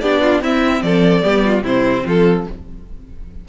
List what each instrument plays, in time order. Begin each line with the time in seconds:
0.00 cello B3, viola D4, violin G4 D5
0.21 violin F4
0.40 cello C4, viola C4, violin E4 E5
0.82 cello F3, violin A4 D5
1.21 cello G3, viola B3, violin G4
1.44 violin F4
1.61 cello C3, viola C4, violin E4 C5
2.05 cello F3, violin F4 A4